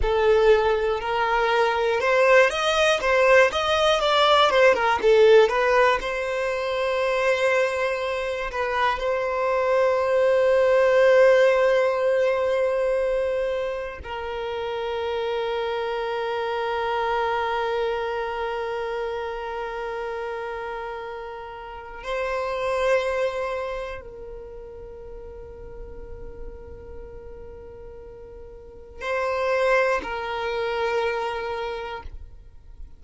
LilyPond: \new Staff \with { instrumentName = "violin" } { \time 4/4 \tempo 4 = 60 a'4 ais'4 c''8 dis''8 c''8 dis''8 | d''8 c''16 ais'16 a'8 b'8 c''2~ | c''8 b'8 c''2.~ | c''2 ais'2~ |
ais'1~ | ais'2 c''2 | ais'1~ | ais'4 c''4 ais'2 | }